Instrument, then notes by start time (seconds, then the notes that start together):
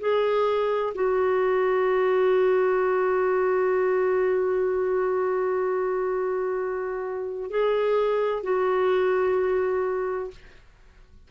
clarinet
0.00 G#4
0.95 F#4
7.50 G#4
8.43 F#4